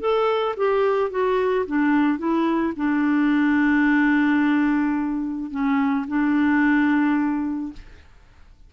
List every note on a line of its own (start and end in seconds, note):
0.00 0.55 A4
0.57 1.10 G4
1.10 1.65 F#4
1.66 2.18 D4
2.18 2.73 E4
2.76 5.51 D4
5.51 6.06 C#4
6.08 7.73 D4